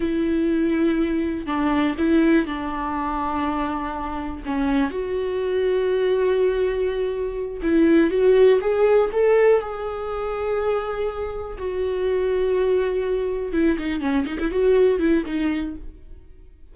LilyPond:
\new Staff \with { instrumentName = "viola" } { \time 4/4 \tempo 4 = 122 e'2. d'4 | e'4 d'2.~ | d'4 cis'4 fis'2~ | fis'2.~ fis'8 e'8~ |
e'8 fis'4 gis'4 a'4 gis'8~ | gis'2.~ gis'8 fis'8~ | fis'2.~ fis'8 e'8 | dis'8 cis'8 dis'16 e'16 fis'4 e'8 dis'4 | }